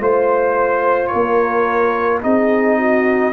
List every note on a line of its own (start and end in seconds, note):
0.00 1.11 A3
0.00 2.22 F4
0.00 1.11 C5
0.00 1.07 C5
1.07 2.22 A#4
1.07 2.19 C#5
1.14 2.24 A#3
2.22 3.33 C4
2.22 3.33 D#4
2.22 2.78 G#4
2.22 3.33 D#5
2.78 3.33 F#4